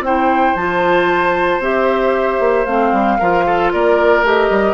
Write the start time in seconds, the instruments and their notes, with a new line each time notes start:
0.00 bassoon C4, clarinet E4, oboe C5, flute G5
0.55 bassoon F3, clarinet F4, flute A5
1.59 bassoon C4, clarinet G4, flute E5
2.40 bassoon A#3
2.66 bassoon A3, clarinet C4, flute F5
2.92 bassoon G3
3.19 bassoon F3, clarinet F4, oboe A#4
3.46 oboe A4
3.73 bassoon A#3, oboe A#4, flute D5
4.23 bassoon A3, clarinet G4, flute D#5
4.50 bassoon G3